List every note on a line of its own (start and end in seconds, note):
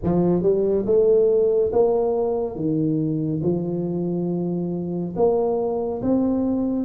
0.03 0.42 F3
0.42 0.85 G3
0.86 1.71 A3
1.72 2.55 A#3
2.55 3.41 D#3
3.43 5.14 F3
5.15 6.01 A#3
6.02 6.85 C4